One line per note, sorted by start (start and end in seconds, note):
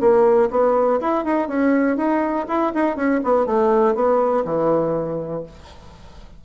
0.00 0.49 A#3
0.51 1.00 B3
1.01 1.24 E4
1.24 1.48 D#4
1.48 1.97 C#4
1.97 2.46 D#4
2.48 2.73 E4
2.75 2.96 D#4
2.96 3.21 C#4
3.24 3.46 B3
3.46 3.95 A3
3.95 4.44 B3
4.45 5.43 E3